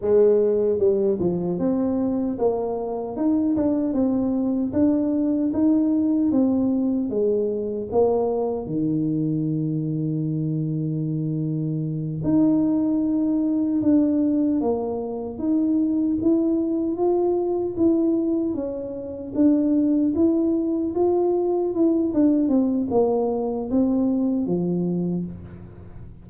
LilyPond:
\new Staff \with { instrumentName = "tuba" } { \time 4/4 \tempo 4 = 76 gis4 g8 f8 c'4 ais4 | dis'8 d'8 c'4 d'4 dis'4 | c'4 gis4 ais4 dis4~ | dis2.~ dis8 dis'8~ |
dis'4. d'4 ais4 dis'8~ | dis'8 e'4 f'4 e'4 cis'8~ | cis'8 d'4 e'4 f'4 e'8 | d'8 c'8 ais4 c'4 f4 | }